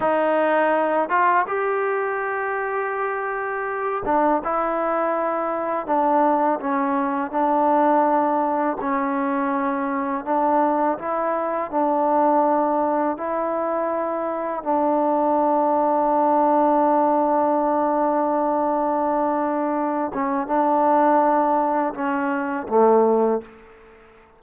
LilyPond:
\new Staff \with { instrumentName = "trombone" } { \time 4/4 \tempo 4 = 82 dis'4. f'8 g'2~ | g'4. d'8 e'2 | d'4 cis'4 d'2 | cis'2 d'4 e'4 |
d'2 e'2 | d'1~ | d'2.~ d'8 cis'8 | d'2 cis'4 a4 | }